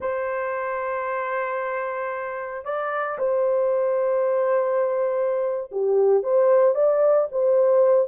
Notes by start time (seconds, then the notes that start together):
0.00 C5
2.64 D5
3.18 C5
5.71 G4
6.23 C5
6.74 D5
7.31 C5